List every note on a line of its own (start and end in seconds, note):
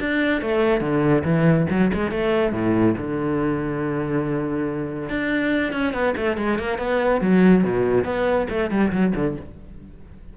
0.00 0.42 D4
0.42 0.81 A3
0.81 1.24 D3
1.25 1.67 E3
1.70 1.91 F#3
1.94 2.11 G#3
2.11 2.53 A3
2.53 2.95 A2
2.98 5.10 D3
5.10 5.73 D4
5.73 5.94 C#4
5.94 6.15 B3
6.17 6.38 A3
6.38 6.59 G#3
6.59 6.79 A#3
6.79 7.21 B3
7.21 7.64 F#3
7.64 8.05 B2
8.05 8.48 B3
8.50 8.71 A3
8.71 8.92 G3
8.92 9.14 F#3
9.15 9.37 D3